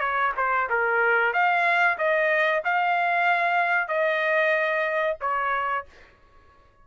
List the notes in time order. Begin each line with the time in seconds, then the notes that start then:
0.00 C#5
0.36 C5
0.70 A#4
1.33 F5
1.98 D#5
2.64 F5
3.88 D#5
5.21 C#5